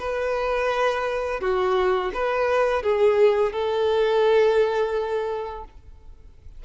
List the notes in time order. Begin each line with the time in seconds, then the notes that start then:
0.00 B4
1.41 F#4
2.14 B4
2.83 G#4
3.53 A4